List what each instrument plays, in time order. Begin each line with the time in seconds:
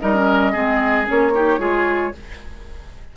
0.00 bassoon G3, clarinet D#4, oboe A#4, flute D#5
0.13 clarinet C#4
0.52 bassoon G#3, clarinet C4, oboe G#4
1.05 bassoon A#3, clarinet C#4, flute C#5
1.34 clarinet D#4, oboe G4
1.58 bassoon G#3, clarinet F4, oboe G#4